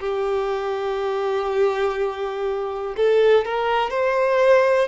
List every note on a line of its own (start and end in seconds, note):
0.00 2.95 G4
2.97 3.45 A4
3.45 3.90 A#4
3.90 4.88 C5